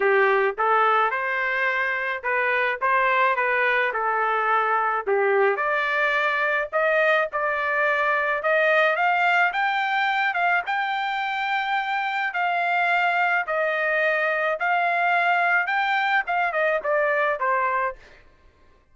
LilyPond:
\new Staff \with { instrumentName = "trumpet" } { \time 4/4 \tempo 4 = 107 g'4 a'4 c''2 | b'4 c''4 b'4 a'4~ | a'4 g'4 d''2 | dis''4 d''2 dis''4 |
f''4 g''4. f''8 g''4~ | g''2 f''2 | dis''2 f''2 | g''4 f''8 dis''8 d''4 c''4 | }